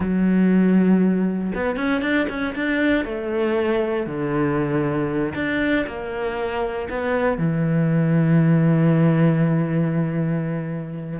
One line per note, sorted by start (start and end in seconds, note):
0.00 1.52 F#3
1.55 1.76 B3
1.76 2.01 C#4
2.01 2.27 D4
2.29 2.54 C#4
2.55 3.04 D4
3.04 4.06 A3
4.06 5.33 D3
5.34 5.85 D4
5.86 6.88 A#3
6.89 7.38 B3
7.38 11.19 E3